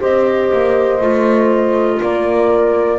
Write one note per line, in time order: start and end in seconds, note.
0.00 0.52 C4
0.00 1.00 G4
0.00 2.00 C5
0.00 2.01 D#5
0.53 1.01 A#3
1.01 2.01 A3
1.01 2.99 F4
2.01 2.99 A#3
2.01 2.99 A#4
2.01 2.99 D5